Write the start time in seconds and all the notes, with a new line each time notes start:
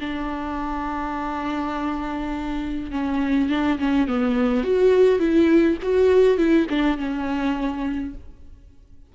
0.00 D4
2.91 C#4
3.49 D4
3.79 C#4
4.08 B3
4.64 F#4
5.19 E4
5.83 F#4
6.38 E4
6.69 D4
6.98 C#4